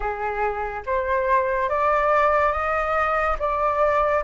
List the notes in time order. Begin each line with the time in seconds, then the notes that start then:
0.00 G#4
0.86 C5
1.69 D5
2.52 D#5
3.39 D5